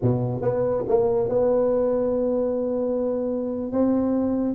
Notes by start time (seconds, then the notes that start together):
0.01 B2
0.41 B3
0.88 A#3
1.28 B3
3.72 C4